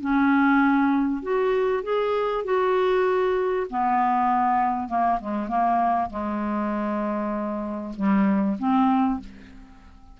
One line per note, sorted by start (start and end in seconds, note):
0.00 1.22 C#4
1.22 1.83 F#4
1.83 2.44 G#4
2.44 3.66 F#4
3.70 4.88 B3
4.88 5.19 A#3
5.20 5.48 G#3
5.48 6.09 A#3
6.10 7.93 G#3
7.96 8.57 G3
8.59 9.20 C4